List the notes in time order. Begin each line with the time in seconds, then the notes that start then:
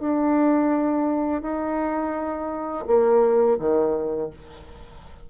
0.00 D4
1.42 D#4
2.87 A#3
3.59 D#3